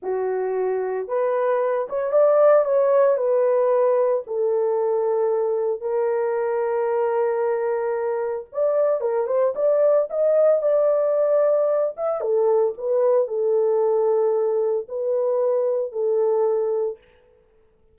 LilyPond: \new Staff \with { instrumentName = "horn" } { \time 4/4 \tempo 4 = 113 fis'2 b'4. cis''8 | d''4 cis''4 b'2 | a'2. ais'4~ | ais'1 |
d''4 ais'8 c''8 d''4 dis''4 | d''2~ d''8 e''8 a'4 | b'4 a'2. | b'2 a'2 | }